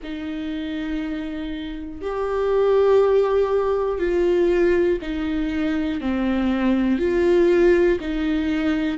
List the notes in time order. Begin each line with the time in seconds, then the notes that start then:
0.03 D#4
2.01 G4
3.98 F4
5.01 D#4
6.00 C4
6.99 F4
8.00 D#4